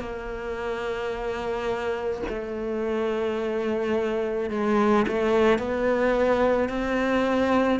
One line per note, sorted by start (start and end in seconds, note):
0.00 2.22 A#3
2.29 4.51 A3
4.51 5.06 G#3
5.08 5.59 A3
5.59 6.69 B3
6.69 7.80 C4